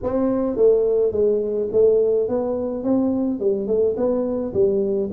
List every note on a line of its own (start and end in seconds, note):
0.03 0.56 C4
0.56 1.12 A3
1.12 1.68 G#3
1.72 2.28 A3
2.28 2.83 B3
2.83 3.39 C4
3.39 3.67 G3
3.67 3.95 A3
3.96 4.53 B3
4.53 5.10 G3